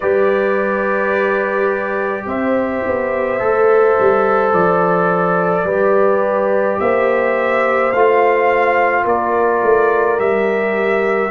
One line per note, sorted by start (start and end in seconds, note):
0.00 2.25 G3
0.00 3.39 G4
0.00 2.24 B4
0.00 2.26 D5
2.25 2.82 C4
2.25 5.65 C5
2.25 4.53 E5
2.84 3.40 B3
3.39 3.97 A3
3.39 5.66 A4
3.99 4.53 G3
4.53 5.64 F3
4.53 6.79 D5
5.64 6.77 G3
5.64 7.92 G4
5.64 6.78 B4
6.79 7.93 A#3
6.79 9.04 C5
6.79 7.92 E5
7.92 9.05 A3
7.92 10.18 F4
7.92 9.05 F5
9.04 9.61 A#3
9.04 11.30 A#4
9.04 10.19 D5
9.62 10.19 A3
10.18 11.30 G3
10.18 11.30 G4
10.18 11.30 E5